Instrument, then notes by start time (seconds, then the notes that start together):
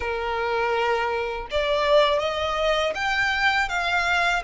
violin
0.00 A#4
1.51 D5
2.19 D#5
2.95 G5
3.68 F5